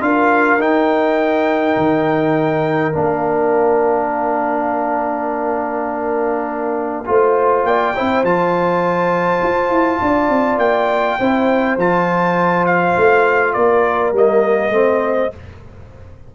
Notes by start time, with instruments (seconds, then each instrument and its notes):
0.00 tuba D4, trombone F4, horn A#4, trumpet F5
0.58 tuba D#4, trombone D#4, trumpet G5
1.76 tuba D#3
2.92 tuba A#3, trombone D4, trumpet F5
7.06 tuba A3, trombone F4, horn C5
7.64 tuba A#3, horn D5, trumpet G5
7.95 tuba C4, trombone E4, horn C5
8.23 tuba F3, trombone F4, trumpet A5
9.43 tuba F4
9.69 tuba E4
10.01 tuba D4, horn D5
10.29 tuba C4
10.57 tuba A#3, trumpet G5
11.19 tuba C4, trombone E4, horn C5
11.76 tuba F3, trombone F4, trumpet A5
12.66 trumpet F5
12.96 tuba A3
13.53 tuba A#3, horn A#4, trumpet D5
14.12 tuba G3, trombone A#3, trumpet D#5
14.70 tuba A3, trombone C4, horn C5